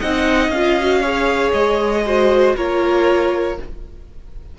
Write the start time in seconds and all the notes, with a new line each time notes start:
0.00 C4 D#4 D#5 F#5
0.49 C#4 F5
0.56 F4
0.80 F#4
1.01 G#4 C#5
1.53 G#3 D#5
2.06 F#4 C5
2.57 A#3 F4 A#4 C#5